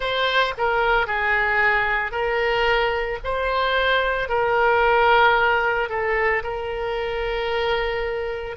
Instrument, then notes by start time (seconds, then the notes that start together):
oboe
0.00 C5
0.57 A#4
1.07 G#4
2.11 A#4
3.24 C5
4.29 A#4
5.89 A4
6.43 A#4